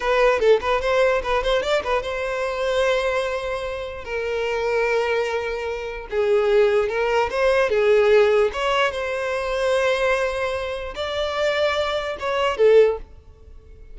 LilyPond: \new Staff \with { instrumentName = "violin" } { \time 4/4 \tempo 4 = 148 b'4 a'8 b'8 c''4 b'8 c''8 | d''8 b'8 c''2.~ | c''2 ais'2~ | ais'2. gis'4~ |
gis'4 ais'4 c''4 gis'4~ | gis'4 cis''4 c''2~ | c''2. d''4~ | d''2 cis''4 a'4 | }